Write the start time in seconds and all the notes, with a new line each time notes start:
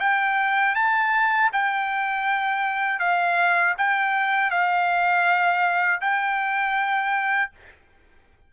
0.00 G5
0.75 A5
1.52 G5
3.00 F5
3.78 G5
4.51 F5
6.01 G5